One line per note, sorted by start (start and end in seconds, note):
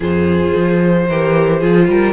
0.00 0.53 F2
0.00 1.06 F4
0.00 1.07 G#4
0.00 2.12 C5
0.55 1.08 F3
1.09 1.62 E3
1.09 1.61 G4
1.09 1.59 A#4
1.59 1.88 F3
1.59 2.12 F4
1.59 1.86 G#4
1.88 2.12 G3
1.88 2.12 A#4